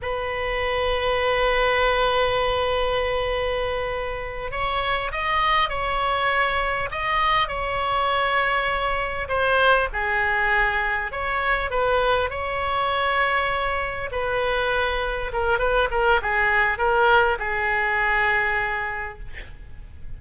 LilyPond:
\new Staff \with { instrumentName = "oboe" } { \time 4/4 \tempo 4 = 100 b'1~ | b'2.~ b'8 cis''8~ | cis''8 dis''4 cis''2 dis''8~ | dis''8 cis''2. c''8~ |
c''8 gis'2 cis''4 b'8~ | b'8 cis''2. b'8~ | b'4. ais'8 b'8 ais'8 gis'4 | ais'4 gis'2. | }